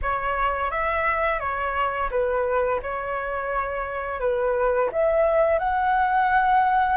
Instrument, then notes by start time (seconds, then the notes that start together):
flute
0.02 C#5
0.70 E5
1.40 C#5
2.10 B4
2.82 C#5
4.20 B4
4.92 E5
5.58 F#5